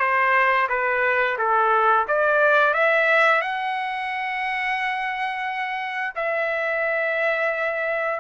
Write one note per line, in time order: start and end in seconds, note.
0.00 0.68 C5
0.69 1.38 B4
1.39 2.07 A4
2.08 2.74 D5
2.74 3.42 E5
3.42 6.15 F#5
6.16 8.20 E5